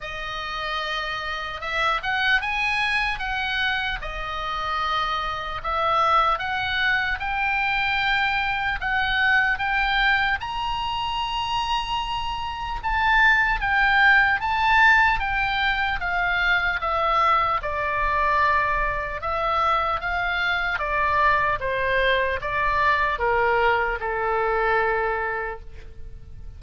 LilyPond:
\new Staff \with { instrumentName = "oboe" } { \time 4/4 \tempo 4 = 75 dis''2 e''8 fis''8 gis''4 | fis''4 dis''2 e''4 | fis''4 g''2 fis''4 | g''4 ais''2. |
a''4 g''4 a''4 g''4 | f''4 e''4 d''2 | e''4 f''4 d''4 c''4 | d''4 ais'4 a'2 | }